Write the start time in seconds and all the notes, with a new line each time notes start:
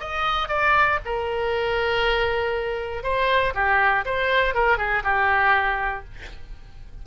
0.00 D#5
0.49 D5
1.05 A#4
3.03 C5
3.55 G4
4.05 C5
4.54 A#4
4.78 G#4
5.04 G4